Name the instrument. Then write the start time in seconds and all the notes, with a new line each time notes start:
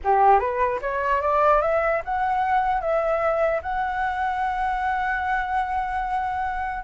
flute
0.04 G4
0.39 B4
0.81 C#5
1.21 D5
1.61 E5
2.04 F#5
2.80 E5
3.62 F#5